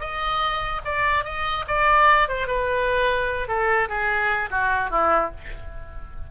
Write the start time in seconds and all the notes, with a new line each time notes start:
0.00 D#5
0.85 D5
1.24 D#5
1.68 D5
2.29 C5
2.47 B4
3.48 A4
3.89 G#4
4.50 F#4
4.90 E4